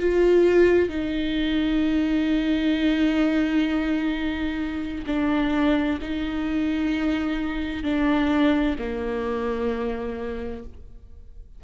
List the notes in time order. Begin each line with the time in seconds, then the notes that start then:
0.00 F4
0.89 D#4
5.07 D4
6.02 D#4
7.84 D4
8.79 A#3